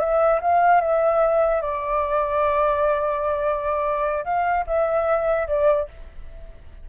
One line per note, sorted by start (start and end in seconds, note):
0.00 0.41 E5
0.42 0.81 F5
0.81 1.62 E5
1.62 4.25 D5
4.25 4.65 F5
4.67 5.48 E5
5.48 5.89 D5